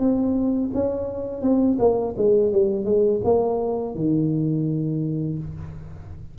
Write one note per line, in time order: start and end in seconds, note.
0.00 0.71 C4
0.74 1.42 C#4
1.42 1.78 C4
1.80 2.15 A#3
2.18 2.53 G#3
2.53 2.86 G3
2.86 3.21 G#3
3.25 3.96 A#3
3.96 5.39 D#3